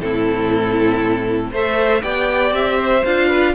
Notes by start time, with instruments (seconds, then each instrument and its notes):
0.00 cello A2, viola C4, violin E4 A4
1.51 cello A3, viola A4, violin C5 E5
2.01 cello B3, viola G4, violin D5 G5
2.52 cello C4, violin E5
2.77 violin C5
3.04 cello D4, viola F4, violin F5
3.28 violin B4